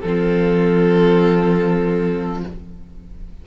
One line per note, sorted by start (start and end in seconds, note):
0.00 2.43 F3
0.00 2.45 C4
0.00 2.40 A4
0.07 2.46 F4